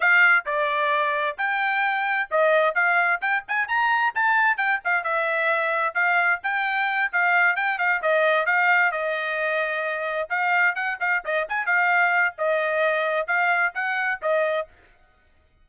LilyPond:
\new Staff \with { instrumentName = "trumpet" } { \time 4/4 \tempo 4 = 131 f''4 d''2 g''4~ | g''4 dis''4 f''4 g''8 gis''8 | ais''4 a''4 g''8 f''8 e''4~ | e''4 f''4 g''4. f''8~ |
f''8 g''8 f''8 dis''4 f''4 dis''8~ | dis''2~ dis''8 f''4 fis''8 | f''8 dis''8 gis''8 f''4. dis''4~ | dis''4 f''4 fis''4 dis''4 | }